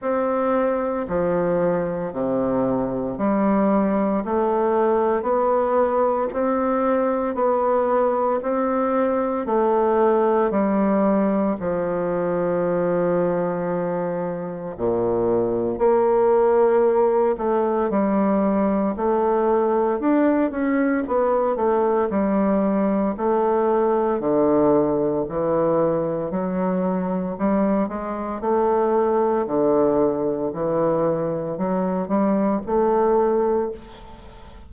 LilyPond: \new Staff \with { instrumentName = "bassoon" } { \time 4/4 \tempo 4 = 57 c'4 f4 c4 g4 | a4 b4 c'4 b4 | c'4 a4 g4 f4~ | f2 ais,4 ais4~ |
ais8 a8 g4 a4 d'8 cis'8 | b8 a8 g4 a4 d4 | e4 fis4 g8 gis8 a4 | d4 e4 fis8 g8 a4 | }